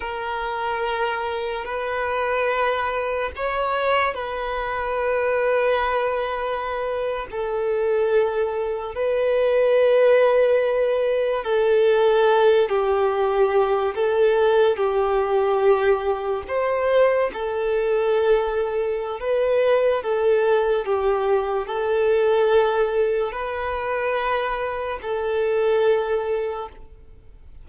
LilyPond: \new Staff \with { instrumentName = "violin" } { \time 4/4 \tempo 4 = 72 ais'2 b'2 | cis''4 b'2.~ | b'8. a'2 b'4~ b'16~ | b'4.~ b'16 a'4. g'8.~ |
g'8. a'4 g'2 c''16~ | c''8. a'2~ a'16 b'4 | a'4 g'4 a'2 | b'2 a'2 | }